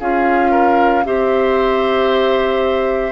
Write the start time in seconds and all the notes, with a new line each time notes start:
0.00 C#4 F4 G#4 F5
0.51 A#4
1.05 C4 G4 C5 E5